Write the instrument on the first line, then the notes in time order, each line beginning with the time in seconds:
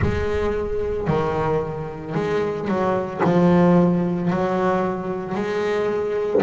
double bass
0.01 G#3
1.07 D#3
2.14 G#3
2.67 F#3
3.23 F3
4.30 F#3
5.35 G#3